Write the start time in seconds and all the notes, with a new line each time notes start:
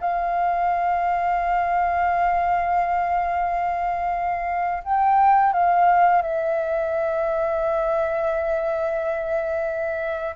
0.00 F5
4.83 G5
5.53 F5
6.22 E5